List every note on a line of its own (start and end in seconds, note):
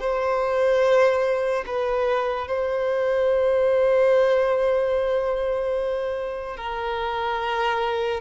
0.00 1.64 C5
1.66 2.48 B4
2.48 6.57 C5
6.57 8.21 A#4